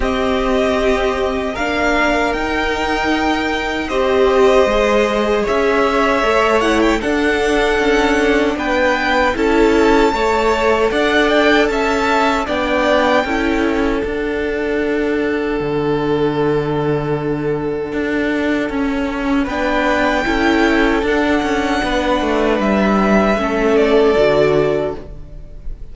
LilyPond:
<<
  \new Staff \with { instrumentName = "violin" } { \time 4/4 \tempo 4 = 77 dis''2 f''4 g''4~ | g''4 dis''2 e''4~ | e''8 fis''16 g''16 fis''2 g''4 | a''2 fis''8 g''8 a''4 |
g''2 fis''2~ | fis''1~ | fis''4 g''2 fis''4~ | fis''4 e''4. d''4. | }
  \new Staff \with { instrumentName = "violin" } { \time 4/4 g'2 ais'2~ | ais'4 c''2 cis''4~ | cis''4 a'2 b'4 | a'4 cis''4 d''4 e''4 |
d''4 a'2.~ | a'1~ | a'4 b'4 a'2 | b'2 a'2 | }
  \new Staff \with { instrumentName = "viola" } { \time 4/4 c'2 d'4 dis'4~ | dis'4 g'4 gis'2 | a'8 e'8 d'2. | e'4 a'2. |
d'4 e'4 d'2~ | d'1 | cis'4 d'4 e'4 d'4~ | d'2 cis'4 fis'4 | }
  \new Staff \with { instrumentName = "cello" } { \time 4/4 c'2 ais4 dis'4~ | dis'4 c'4 gis4 cis'4 | a4 d'4 cis'4 b4 | cis'4 a4 d'4 cis'4 |
b4 cis'4 d'2 | d2. d'4 | cis'4 b4 cis'4 d'8 cis'8 | b8 a8 g4 a4 d4 | }
>>